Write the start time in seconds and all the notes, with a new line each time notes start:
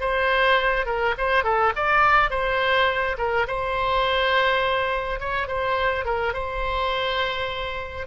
0.00 C5
0.85 A#4
1.18 C5
1.43 A4
1.75 D5
2.30 C5
3.17 A#4
3.47 C5
5.19 C#5
5.47 C5
6.05 A#4
6.33 C5